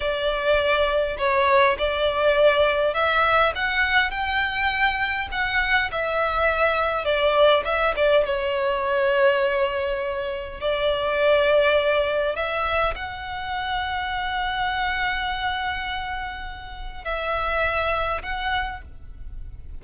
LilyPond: \new Staff \with { instrumentName = "violin" } { \time 4/4 \tempo 4 = 102 d''2 cis''4 d''4~ | d''4 e''4 fis''4 g''4~ | g''4 fis''4 e''2 | d''4 e''8 d''8 cis''2~ |
cis''2 d''2~ | d''4 e''4 fis''2~ | fis''1~ | fis''4 e''2 fis''4 | }